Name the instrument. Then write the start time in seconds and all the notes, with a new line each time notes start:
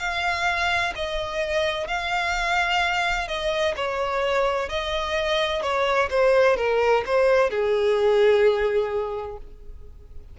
violin
0.00 F5
0.96 D#5
1.88 F5
3.29 D#5
3.77 C#5
4.70 D#5
5.62 C#5
6.11 C5
6.57 A#4
7.06 C5
7.50 G#4